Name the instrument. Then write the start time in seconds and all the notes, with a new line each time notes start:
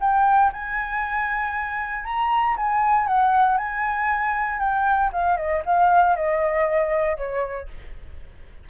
flute
0.00 G5
0.52 G#5
2.05 A#5
2.57 G#5
3.07 F#5
3.57 G#5
4.59 G5
5.12 F5
5.37 D#5
5.65 F5
6.16 D#5
7.17 C#5